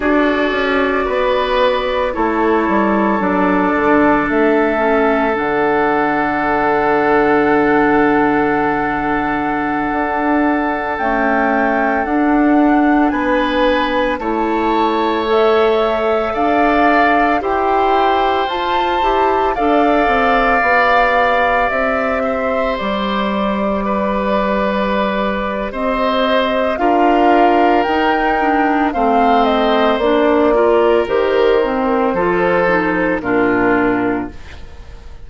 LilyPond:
<<
  \new Staff \with { instrumentName = "flute" } { \time 4/4 \tempo 4 = 56 d''2 cis''4 d''4 | e''4 fis''2.~ | fis''2~ fis''16 g''4 fis''8.~ | fis''16 gis''4 a''4 e''4 f''8.~ |
f''16 g''4 a''4 f''4.~ f''16~ | f''16 e''4 d''2~ d''8. | dis''4 f''4 g''4 f''8 dis''8 | d''4 c''2 ais'4 | }
  \new Staff \with { instrumentName = "oboe" } { \time 4/4 a'4 b'4 a'2~ | a'1~ | a'1~ | a'16 b'4 cis''2 d''8.~ |
d''16 c''2 d''4.~ d''16~ | d''8. c''4. b'4.~ b'16 | c''4 ais'2 c''4~ | c''8 ais'4. a'4 f'4 | }
  \new Staff \with { instrumentName = "clarinet" } { \time 4/4 fis'2 e'4 d'4~ | d'8 cis'8 d'2.~ | d'2~ d'16 a4 d'8.~ | d'4~ d'16 e'4 a'4.~ a'16~ |
a'16 g'4 f'8 g'8 a'4 g'8.~ | g'1~ | g'4 f'4 dis'8 d'8 c'4 | d'8 f'8 g'8 c'8 f'8 dis'8 d'4 | }
  \new Staff \with { instrumentName = "bassoon" } { \time 4/4 d'8 cis'8 b4 a8 g8 fis8 d8 | a4 d2.~ | d4~ d16 d'4 cis'4 d'8.~ | d'16 b4 a2 d'8.~ |
d'16 e'4 f'8 e'8 d'8 c'8 b8.~ | b16 c'4 g2~ g8. | c'4 d'4 dis'4 a4 | ais4 dis4 f4 ais,4 | }
>>